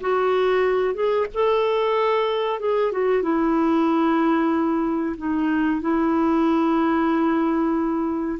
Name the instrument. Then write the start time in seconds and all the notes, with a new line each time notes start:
clarinet
0.00 F#4
0.94 G#4
1.34 A4
2.60 G#4
2.91 F#4
3.22 E4
5.17 D#4
5.81 E4